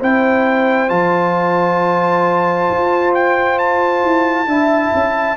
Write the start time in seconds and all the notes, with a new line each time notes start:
0.00 C4 E4 C5 G5
0.88 F3 F4 A5
2.70 F4
3.15 G5
3.59 A5
4.04 E4
4.46 D4 E4 E5
4.94 C#4